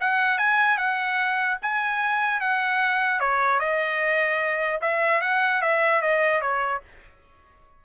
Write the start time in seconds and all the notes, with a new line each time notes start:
0.00 F#5
0.37 G#5
0.77 F#5
1.61 G#5
2.40 F#5
3.19 C#5
3.59 D#5
4.81 E5
5.21 F#5
5.61 E5
6.01 D#5
6.41 C#5